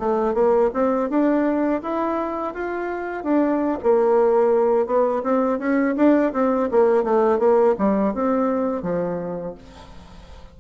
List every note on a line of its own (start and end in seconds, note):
0.00 0.35 A3
0.35 0.71 A#3
0.74 1.10 C4
1.10 1.82 D4
1.83 2.54 E4
2.54 3.24 F4
3.24 3.78 D4
3.83 4.87 A#3
4.87 5.23 B3
5.24 5.59 C4
5.59 5.95 C#4
5.97 6.33 D4
6.34 6.70 C4
6.72 7.04 A#3
7.04 7.39 A3
7.39 7.75 A#3
7.79 8.15 G3
8.15 8.83 C4
8.83 9.55 F3